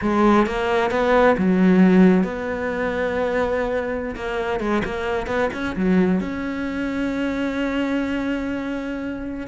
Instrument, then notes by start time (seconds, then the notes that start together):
cello
0.01 G#3
0.46 A#3
0.90 B3
1.37 F#3
2.23 B3
4.15 A#3
4.60 G#3
4.85 A#3
5.27 B3
5.53 C#4
5.76 F#3
6.20 C#4